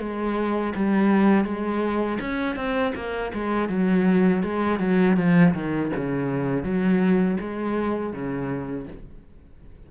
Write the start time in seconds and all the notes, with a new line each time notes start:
0.00 G#3
0.76 G3
1.45 G#3
2.21 C#4
2.57 C4
2.95 A#3
3.34 G#3
3.69 F#3
4.43 G#3
4.80 F#3
5.17 F3
5.55 D#3
5.97 C#3
6.64 F#3
7.41 G#3
8.13 C#3